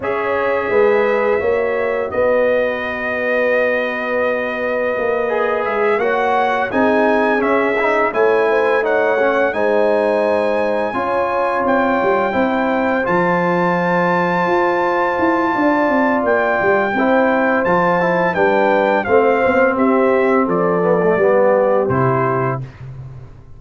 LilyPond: <<
  \new Staff \with { instrumentName = "trumpet" } { \time 4/4 \tempo 4 = 85 e''2. dis''4~ | dis''1 | e''8 fis''4 gis''4 e''4 gis''8~ | gis''8 fis''4 gis''2~ gis''8~ |
gis''8 g''2 a''4.~ | a''2. g''4~ | g''4 a''4 g''4 f''4 | e''4 d''2 c''4 | }
  \new Staff \with { instrumentName = "horn" } { \time 4/4 cis''4 b'4 cis''4 b'4~ | b'1~ | b'8 cis''4 gis'2 cis''8 | c''8 cis''4 c''2 cis''8~ |
cis''4. c''2~ c''8~ | c''2 d''2 | c''2 b'4 c''4 | g'4 a'4 g'2 | }
  \new Staff \with { instrumentName = "trombone" } { \time 4/4 gis'2 fis'2~ | fis'2.~ fis'8 gis'8~ | gis'8 fis'4 dis'4 cis'8 dis'8 e'8~ | e'8 dis'8 cis'8 dis'2 f'8~ |
f'4. e'4 f'4.~ | f'1 | e'4 f'8 e'8 d'4 c'4~ | c'4. b16 a16 b4 e'4 | }
  \new Staff \with { instrumentName = "tuba" } { \time 4/4 cis'4 gis4 ais4 b4~ | b2. ais4 | gis8 ais4 c'4 cis'4 a8~ | a4. gis2 cis'8~ |
cis'8 c'8 g8 c'4 f4.~ | f8 f'4 e'8 d'8 c'8 ais8 g8 | c'4 f4 g4 a8 b8 | c'4 f4 g4 c4 | }
>>